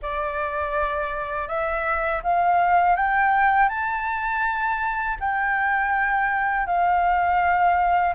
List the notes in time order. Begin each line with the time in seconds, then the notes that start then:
0.02 D5
1.47 E5
2.23 F5
2.96 G5
3.68 A5
5.20 G5
6.66 F5